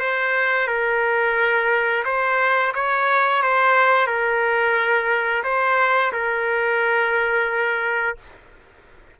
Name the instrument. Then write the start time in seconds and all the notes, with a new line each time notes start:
trumpet
0.00 C5
0.67 A#4
2.05 C5
2.75 C#5
3.42 C5
4.07 A#4
5.44 C5
6.12 A#4